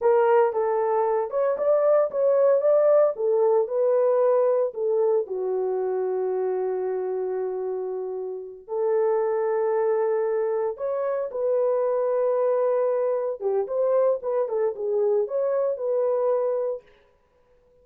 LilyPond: \new Staff \with { instrumentName = "horn" } { \time 4/4 \tempo 4 = 114 ais'4 a'4. cis''8 d''4 | cis''4 d''4 a'4 b'4~ | b'4 a'4 fis'2~ | fis'1~ |
fis'8 a'2.~ a'8~ | a'8 cis''4 b'2~ b'8~ | b'4. g'8 c''4 b'8 a'8 | gis'4 cis''4 b'2 | }